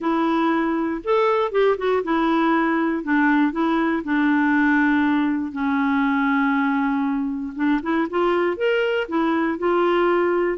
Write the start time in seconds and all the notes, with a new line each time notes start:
0.00 E4
1.04 A4
1.51 G4
1.77 F#4
2.03 E4
3.03 D4
3.52 E4
4.04 D4
5.52 C#4
7.55 D4
7.82 E4
8.09 F4
8.56 A#4
9.08 E4
9.58 F4